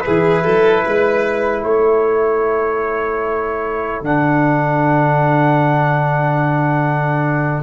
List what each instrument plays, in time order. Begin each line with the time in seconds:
0.00 trombone E4, violin G#4, trumpet B4
0.07 tuba E3
0.44 tuba F#3, violin A4
0.85 tuba G#3, violin B4
1.63 tuba A3, violin A4, trumpet C#5
4.01 tuba D3, trombone D4, trumpet F#5